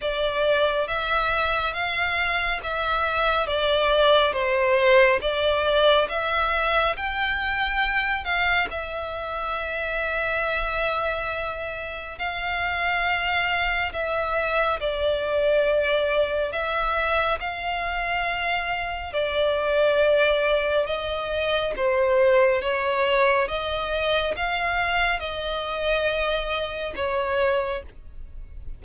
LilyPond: \new Staff \with { instrumentName = "violin" } { \time 4/4 \tempo 4 = 69 d''4 e''4 f''4 e''4 | d''4 c''4 d''4 e''4 | g''4. f''8 e''2~ | e''2 f''2 |
e''4 d''2 e''4 | f''2 d''2 | dis''4 c''4 cis''4 dis''4 | f''4 dis''2 cis''4 | }